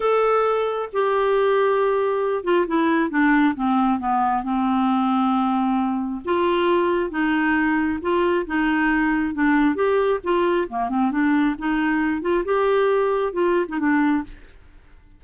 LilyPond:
\new Staff \with { instrumentName = "clarinet" } { \time 4/4 \tempo 4 = 135 a'2 g'2~ | g'4. f'8 e'4 d'4 | c'4 b4 c'2~ | c'2 f'2 |
dis'2 f'4 dis'4~ | dis'4 d'4 g'4 f'4 | ais8 c'8 d'4 dis'4. f'8 | g'2 f'8. dis'16 d'4 | }